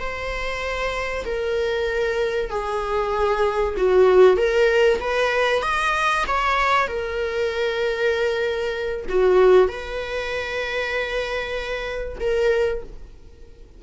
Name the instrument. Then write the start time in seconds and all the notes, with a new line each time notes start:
viola
0.00 C5
1.25 A#4
2.50 G#4
3.77 F#4
4.37 A#4
5.00 B4
5.62 D#5
6.28 C#5
6.88 A#4
9.09 F#4
9.68 B4
12.20 A#4